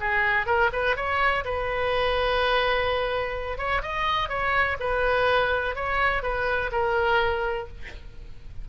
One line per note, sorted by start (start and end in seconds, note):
0.00 0.46 G#4
0.46 0.70 A#4
0.72 0.96 B4
0.96 1.44 C#5
1.44 3.58 B4
3.58 3.82 C#5
3.82 4.29 D#5
4.29 4.77 C#5
4.79 5.75 B4
5.75 6.22 C#5
6.22 6.70 B4
6.72 7.68 A#4